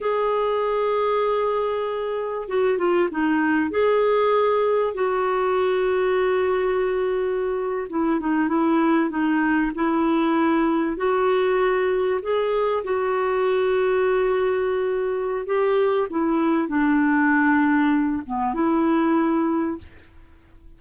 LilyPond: \new Staff \with { instrumentName = "clarinet" } { \time 4/4 \tempo 4 = 97 gis'1 | fis'8 f'8 dis'4 gis'2 | fis'1~ | fis'8. e'8 dis'8 e'4 dis'4 e'16~ |
e'4.~ e'16 fis'2 gis'16~ | gis'8. fis'2.~ fis'16~ | fis'4 g'4 e'4 d'4~ | d'4. b8 e'2 | }